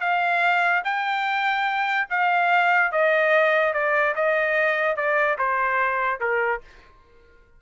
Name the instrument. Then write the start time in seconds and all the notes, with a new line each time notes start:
trumpet
0.00 F5
0.84 G5
2.09 F5
2.92 D#5
3.73 D5
4.15 D#5
4.96 D5
5.38 C5
6.20 A#4